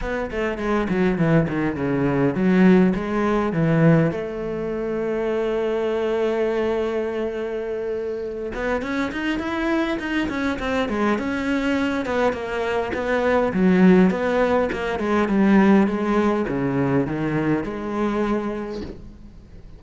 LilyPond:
\new Staff \with { instrumentName = "cello" } { \time 4/4 \tempo 4 = 102 b8 a8 gis8 fis8 e8 dis8 cis4 | fis4 gis4 e4 a4~ | a1~ | a2~ a8 b8 cis'8 dis'8 |
e'4 dis'8 cis'8 c'8 gis8 cis'4~ | cis'8 b8 ais4 b4 fis4 | b4 ais8 gis8 g4 gis4 | cis4 dis4 gis2 | }